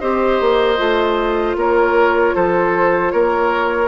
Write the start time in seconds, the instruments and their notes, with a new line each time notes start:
0.00 bassoon C4, clarinet G4, oboe C5, flute D#5
0.40 bassoon A#3
0.77 bassoon A3, clarinet F4
1.56 bassoon A#3, oboe A#4, flute C#5
2.35 bassoon F3, oboe A4, flute C5
3.11 bassoon A#3, oboe A#4, flute C#5